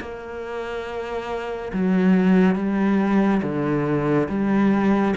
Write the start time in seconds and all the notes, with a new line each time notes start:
0.00 A#3
1.73 F#3
2.55 G3
3.42 D3
4.29 G3